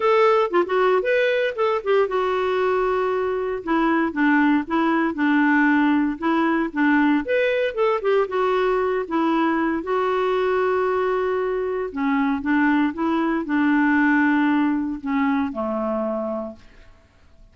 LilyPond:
\new Staff \with { instrumentName = "clarinet" } { \time 4/4 \tempo 4 = 116 a'4 f'16 fis'8. b'4 a'8 g'8 | fis'2. e'4 | d'4 e'4 d'2 | e'4 d'4 b'4 a'8 g'8 |
fis'4. e'4. fis'4~ | fis'2. cis'4 | d'4 e'4 d'2~ | d'4 cis'4 a2 | }